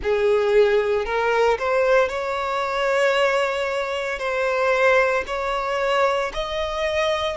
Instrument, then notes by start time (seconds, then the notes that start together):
violin
0.02 G#4
1.05 A#4
1.58 C5
2.09 C#5
4.18 C5
5.26 C#5
6.33 D#5